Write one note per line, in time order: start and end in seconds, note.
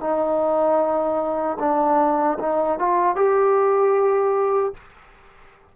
0.00 1.58 D#4
1.59 2.38 D4
2.39 2.79 D#4
2.79 3.16 F4
3.16 4.74 G4